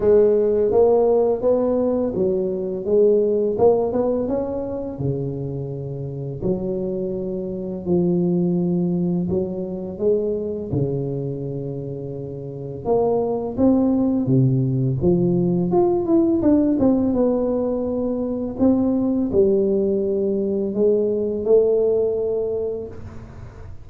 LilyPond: \new Staff \with { instrumentName = "tuba" } { \time 4/4 \tempo 4 = 84 gis4 ais4 b4 fis4 | gis4 ais8 b8 cis'4 cis4~ | cis4 fis2 f4~ | f4 fis4 gis4 cis4~ |
cis2 ais4 c'4 | c4 f4 f'8 e'8 d'8 c'8 | b2 c'4 g4~ | g4 gis4 a2 | }